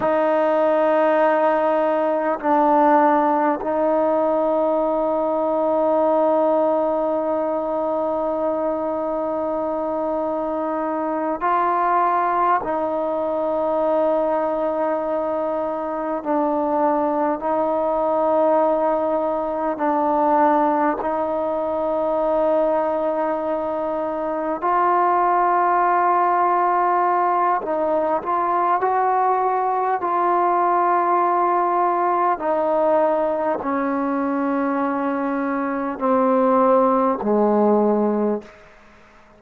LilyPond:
\new Staff \with { instrumentName = "trombone" } { \time 4/4 \tempo 4 = 50 dis'2 d'4 dis'4~ | dis'1~ | dis'4. f'4 dis'4.~ | dis'4. d'4 dis'4.~ |
dis'8 d'4 dis'2~ dis'8~ | dis'8 f'2~ f'8 dis'8 f'8 | fis'4 f'2 dis'4 | cis'2 c'4 gis4 | }